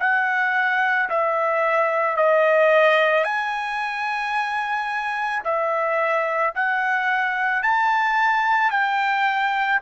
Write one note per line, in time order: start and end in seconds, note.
0.00 1.09 F#5
1.09 2.17 E5
2.17 3.24 D#5
3.24 5.42 G#5
5.44 6.54 E5
6.55 7.63 F#5
7.63 8.71 A5
8.71 9.80 G5